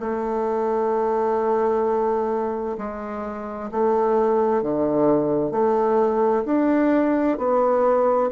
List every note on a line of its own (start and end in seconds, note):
0.00 2.77 A3
2.78 3.70 G#3
3.72 4.63 A3
4.63 5.52 D3
5.52 6.44 A3
6.46 7.38 D4
7.38 8.30 B3